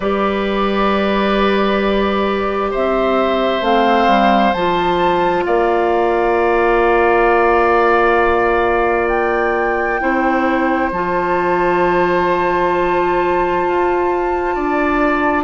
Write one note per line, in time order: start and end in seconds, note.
0.00 2.72 G3
0.00 3.63 G4
0.00 2.70 B4
0.00 2.70 D5
2.70 3.61 C4
2.70 5.43 C5
2.70 3.64 E5
3.61 4.06 A3
3.61 4.54 C4
3.61 4.53 F5
4.07 4.52 G3
4.53 5.45 F3
4.53 10.00 F4
4.53 5.44 A5
5.45 10.00 A#3
5.45 10.00 D5
5.45 9.08 F5
9.08 10.90 G5
10.00 10.91 C4
10.00 10.91 E4
10.00 14.55 C5
10.91 13.64 F3
10.91 15.44 F4
10.91 15.44 A5
13.67 14.56 F4
14.55 15.44 D4
14.55 15.44 D5